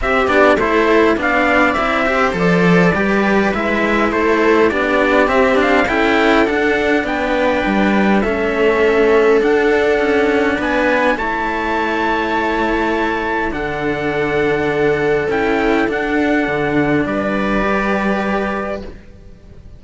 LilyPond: <<
  \new Staff \with { instrumentName = "trumpet" } { \time 4/4 \tempo 4 = 102 e''8 d''8 c''4 f''4 e''4 | d''2 e''4 c''4 | d''4 e''8 f''8 g''4 fis''4 | g''2 e''2 |
fis''2 gis''4 a''4~ | a''2. fis''4~ | fis''2 g''4 fis''4~ | fis''4 d''2. | }
  \new Staff \with { instrumentName = "viola" } { \time 4/4 g'4 a'4 d''4. c''8~ | c''4 b'2 a'4 | g'2 a'2 | b'2 a'2~ |
a'2 b'4 cis''4~ | cis''2. a'4~ | a'1~ | a'4 b'2. | }
  \new Staff \with { instrumentName = "cello" } { \time 4/4 c'8 d'8 e'4 d'4 e'8 g'8 | a'4 g'4 e'2 | d'4 c'8 d'8 e'4 d'4~ | d'2 cis'2 |
d'2. e'4~ | e'2. d'4~ | d'2 e'4 d'4~ | d'2 g'2 | }
  \new Staff \with { instrumentName = "cello" } { \time 4/4 c'8 b8 a4 b4 c'4 | f4 g4 gis4 a4 | b4 c'4 cis'4 d'4 | b4 g4 a2 |
d'4 cis'4 b4 a4~ | a2. d4~ | d2 cis'4 d'4 | d4 g2. | }
>>